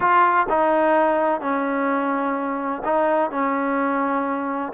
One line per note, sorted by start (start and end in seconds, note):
0.00 0.47 F4
0.49 1.40 D#4
1.40 2.82 C#4
2.85 3.30 D#4
3.30 4.72 C#4